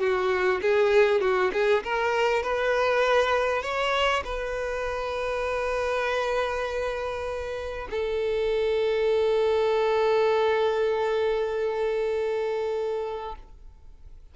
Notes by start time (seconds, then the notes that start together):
0.00 F#4
0.61 G#4
1.21 F#4
1.53 G#4
1.83 A#4
2.43 B4
3.62 C#5
4.24 B4
7.90 A4